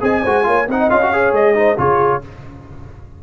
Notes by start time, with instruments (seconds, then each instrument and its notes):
0.00 tuba C4, trombone G#4, horn D#5, trumpet G#5
0.22 tuba G#3, trombone F#4, horn C5
0.43 tuba A#3, trombone F4, horn C#5
0.67 tuba C4, trombone D#4, horn D#5, trumpet F#5
0.90 tuba C#4, trombone F4, trumpet F5
1.02 trombone F#4
1.12 trombone G#4, horn C#5
1.32 tuba G#3, trumpet D#5
1.54 trombone D#4, horn C5
1.77 tuba C#3, trombone F4, horn G#4, trumpet C#5